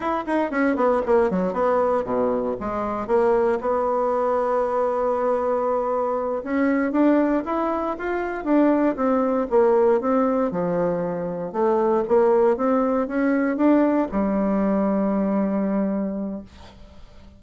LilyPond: \new Staff \with { instrumentName = "bassoon" } { \time 4/4 \tempo 4 = 117 e'8 dis'8 cis'8 b8 ais8 fis8 b4 | b,4 gis4 ais4 b4~ | b1~ | b8 cis'4 d'4 e'4 f'8~ |
f'8 d'4 c'4 ais4 c'8~ | c'8 f2 a4 ais8~ | ais8 c'4 cis'4 d'4 g8~ | g1 | }